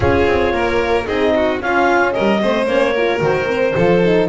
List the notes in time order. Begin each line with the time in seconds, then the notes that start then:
0.00 C#4 F4 G#4 C#5
0.26 C4
0.52 A#3 A#4
1.06 C4 D#4 G#4 D#5
1.35 F#4
1.59 C#4 F4 F5
2.12 G3 A#4 D#5
2.41 A3 C4 C5
2.66 A#3 C#4 C#5
2.93 F4 A#4
3.19 D#3 F#4 C5
3.47 C4
3.75 F3 F4 A4
4.04 D#4